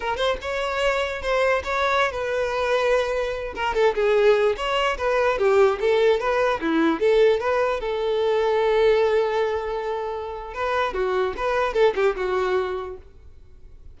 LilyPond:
\new Staff \with { instrumentName = "violin" } { \time 4/4 \tempo 4 = 148 ais'8 c''8 cis''2 c''4 | cis''4~ cis''16 b'2~ b'8.~ | b'8. ais'8 a'8 gis'4. cis''8.~ | cis''16 b'4 g'4 a'4 b'8.~ |
b'16 e'4 a'4 b'4 a'8.~ | a'1~ | a'2 b'4 fis'4 | b'4 a'8 g'8 fis'2 | }